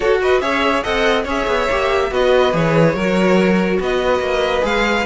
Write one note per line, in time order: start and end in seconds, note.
0.00 0.41 F#4
0.00 0.21 A4
0.00 0.18 C#5
0.21 0.42 B4
0.21 0.40 D#5
0.40 0.83 C#4
0.40 0.83 G#4
0.40 0.83 C#5
0.40 0.83 E5
0.83 1.25 C4
0.83 1.25 A4
0.83 1.23 D#5
0.83 1.25 F#5
1.23 1.46 C#4
1.23 1.69 G#4
1.23 2.08 C#5
1.23 2.13 E5
1.46 1.67 B3
1.70 2.11 A#3
1.70 2.10 G4
2.10 2.53 B3
2.10 2.52 F#4
2.10 2.94 B4
2.10 2.55 D#5
2.52 2.94 E3
2.52 2.94 G#4
2.52 3.81 C#5
2.94 3.79 F#3
2.94 4.61 F#4
2.94 3.79 A#4
3.80 4.19 B3
3.80 5.06 B4
3.80 4.65 D#5
4.19 4.61 A#3
4.61 5.06 G#3
4.61 5.03 G#4
4.61 5.06 F5